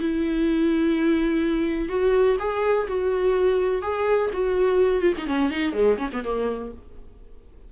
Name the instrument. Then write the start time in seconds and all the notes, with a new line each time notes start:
viola
0.00 E4
1.89 F#4
2.39 G#4
2.88 F#4
3.82 G#4
4.34 F#4
5.01 F4
5.18 D#4
5.27 C#4
5.51 D#4
5.73 G#3
5.98 C#4
6.13 B3
6.24 A#3